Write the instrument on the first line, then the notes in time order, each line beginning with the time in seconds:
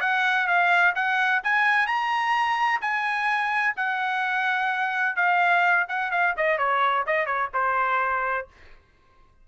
trumpet
0.00 F#5
0.47 F5
0.95 F#5
1.43 G#5
1.86 A#5
2.81 G#5
3.76 F#5
5.16 F5
5.88 F#5
6.11 F5
6.36 D#5
6.58 C#5
7.06 D#5
7.25 C#5
7.53 C5